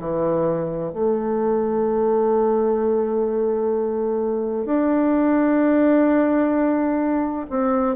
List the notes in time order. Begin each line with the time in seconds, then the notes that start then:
0.00 E3
0.94 A3
4.66 D4
7.50 C4